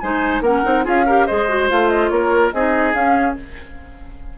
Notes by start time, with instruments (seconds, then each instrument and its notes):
0.00 bassoon G#3, clarinet D#4, oboe C5, flute G#5
0.41 bassoon A#3, clarinet C#4, oboe A#4, flute F#5
0.63 bassoon C4, clarinet D#4
0.84 bassoon C#4, clarinet F4, oboe G#4, flute F5
1.06 clarinet G4, oboe A#4
1.26 bassoon G#3, clarinet G#4, oboe C5, flute D#5
1.49 clarinet F#4
1.69 bassoon A3, clarinet F4, flute F5
1.89 flute D#5
2.09 bassoon A#3, oboe A#4, flute C#5
2.53 bassoon C4, clarinet D#4, oboe G#4, flute D#5
2.94 clarinet C#4, bassoon C#4, flute F5